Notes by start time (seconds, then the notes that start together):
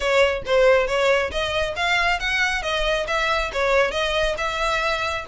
0.00 C#5
0.45 C5
0.87 C#5
1.31 D#5
1.76 F5
2.19 F#5
2.62 D#5
3.07 E5
3.52 C#5
3.91 D#5
4.37 E5